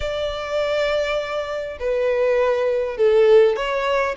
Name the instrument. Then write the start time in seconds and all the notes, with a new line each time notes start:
violin
0.00 D5
1.79 B4
2.97 A4
3.56 C#5